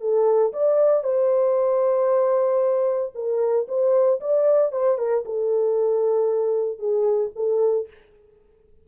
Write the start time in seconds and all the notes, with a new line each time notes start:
0.00 A4
0.52 D5
1.03 C5
3.14 A#4
3.67 C5
4.20 D5
4.71 C5
4.98 A#4
5.25 A4
6.78 G#4
7.35 A4